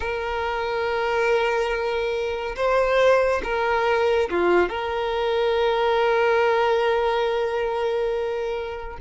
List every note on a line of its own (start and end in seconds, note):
0.00 2.55 A#4
2.56 3.41 C5
3.43 4.29 A#4
4.30 4.69 F4
4.69 8.97 A#4